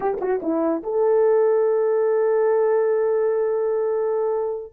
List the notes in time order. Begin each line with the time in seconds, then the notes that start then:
0.00 G4
0.20 F#4
0.42 E4
0.83 A4